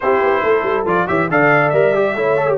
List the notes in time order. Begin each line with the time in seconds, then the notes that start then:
0.00 C4 E4 G4 C5
0.21 B3
0.42 A3 A4
0.62 G3
0.85 F3 F4 D5
1.07 E3 G4 C#5 E5
1.29 D3 A4 D5 F5
1.69 G3 A#4 E5
1.94 G4
2.15 A3 E4 C#5
2.36 A4
2.47 G4